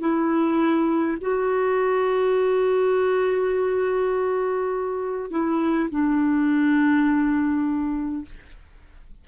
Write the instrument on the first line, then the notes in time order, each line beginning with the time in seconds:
clarinet
0.00 E4
1.21 F#4
5.30 E4
5.90 D4